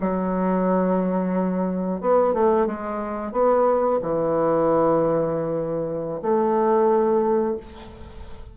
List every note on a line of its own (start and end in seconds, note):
0.00 2.00 F#3
2.00 2.33 B3
2.33 2.66 A3
2.66 3.32 G#3
3.32 3.99 B3
4.02 6.21 E3
6.21 7.56 A3